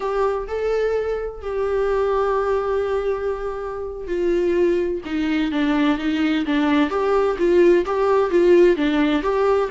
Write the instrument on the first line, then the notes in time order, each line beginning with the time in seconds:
viola
0.00 G4
0.47 A4
1.41 G4
4.07 F4
5.05 D#4
5.51 D4
5.98 D#4
6.45 D4
6.89 G4
7.38 F4
7.85 G4
8.30 F4
8.76 D4
9.22 G4